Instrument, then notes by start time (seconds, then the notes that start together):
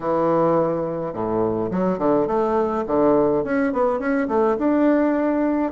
bassoon
0.00 E3
1.13 A2
1.70 F#3
1.98 D3
2.27 A3
2.86 D3
3.44 C#4
3.72 B3
3.99 C#4
4.28 A3
4.58 D4